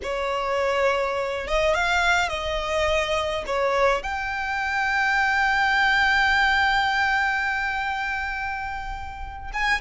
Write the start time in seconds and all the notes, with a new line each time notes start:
0.03 C#5
1.47 D#5
1.74 F5
2.28 D#5
3.46 C#5
4.03 G5
9.53 G#5